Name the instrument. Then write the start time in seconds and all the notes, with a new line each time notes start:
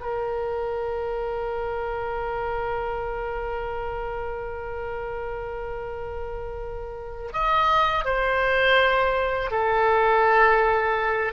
oboe
0.00 A#4
7.33 D#5
8.05 C5
9.51 A4